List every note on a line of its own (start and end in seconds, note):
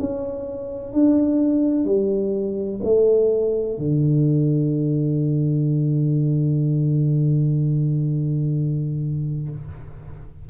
0.00 0.94 C#4
0.94 1.85 D4
1.85 2.81 G3
2.84 3.79 A3
3.79 9.50 D3